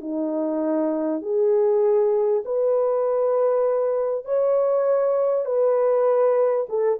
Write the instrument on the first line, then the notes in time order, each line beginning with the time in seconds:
horn
0.00 D#4
1.21 G#4
2.45 B4
4.25 C#5
5.45 B4
6.69 A4